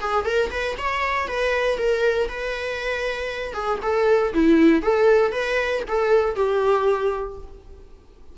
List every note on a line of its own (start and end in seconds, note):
0.00 0.24 G#4
0.24 0.50 A#4
0.50 0.76 B4
0.77 1.28 C#5
1.28 1.78 B4
1.78 2.28 A#4
2.28 3.53 B4
3.53 3.79 G#4
3.82 4.33 A4
4.33 4.82 E4
4.82 5.31 A4
5.31 5.82 B4
5.87 6.35 A4
6.35 7.37 G4